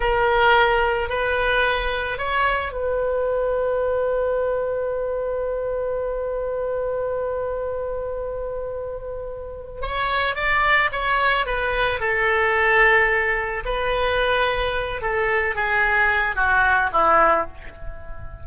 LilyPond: \new Staff \with { instrumentName = "oboe" } { \time 4/4 \tempo 4 = 110 ais'2 b'2 | cis''4 b'2.~ | b'1~ | b'1~ |
b'2 cis''4 d''4 | cis''4 b'4 a'2~ | a'4 b'2~ b'8 a'8~ | a'8 gis'4. fis'4 e'4 | }